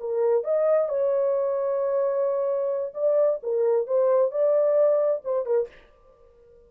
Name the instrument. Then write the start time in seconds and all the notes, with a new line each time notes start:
horn
0.00 A#4
0.44 D#5
0.89 C#5
2.94 D5
3.43 A#4
3.87 C5
4.31 D5
5.24 C5
5.45 A#4